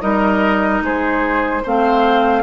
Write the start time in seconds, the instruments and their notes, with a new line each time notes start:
0.00 bassoon G3, clarinet D#4, oboe A#4, flute D#5
0.81 bassoon G#3, oboe G#4, flute C5
1.63 bassoon A3, clarinet C4, oboe C5, flute F5